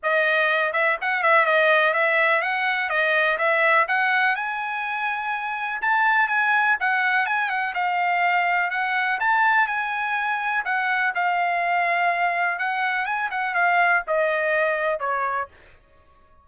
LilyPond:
\new Staff \with { instrumentName = "trumpet" } { \time 4/4 \tempo 4 = 124 dis''4. e''8 fis''8 e''8 dis''4 | e''4 fis''4 dis''4 e''4 | fis''4 gis''2. | a''4 gis''4 fis''4 gis''8 fis''8 |
f''2 fis''4 a''4 | gis''2 fis''4 f''4~ | f''2 fis''4 gis''8 fis''8 | f''4 dis''2 cis''4 | }